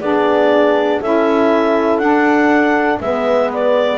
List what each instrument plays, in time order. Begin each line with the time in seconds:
0.00 double bass B3, saxophone D4, horn G#4, clarinet D5
1.00 double bass C#4, saxophone E4, horn A4, clarinet E5
1.97 double bass D4, saxophone D4, clarinet F#5
3.00 double bass G#3, saxophone B3, horn B4, clarinet E5
3.53 clarinet D5